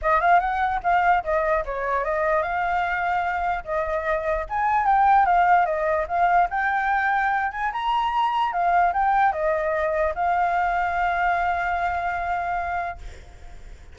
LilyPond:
\new Staff \with { instrumentName = "flute" } { \time 4/4 \tempo 4 = 148 dis''8 f''8 fis''4 f''4 dis''4 | cis''4 dis''4 f''2~ | f''4 dis''2 gis''4 | g''4 f''4 dis''4 f''4 |
g''2~ g''8 gis''8 ais''4~ | ais''4 f''4 g''4 dis''4~ | dis''4 f''2.~ | f''1 | }